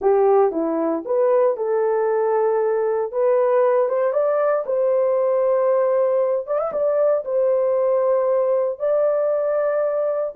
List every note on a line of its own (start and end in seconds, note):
0.01 0.51 G4
0.51 1.03 E4
1.05 1.56 B4
1.56 3.12 A4
3.12 3.88 B4
3.88 4.12 C5
4.12 4.64 D5
4.66 6.46 C5
6.46 6.59 D5
6.59 6.71 E5
6.72 7.24 D5
7.25 8.79 C5
8.79 10.34 D5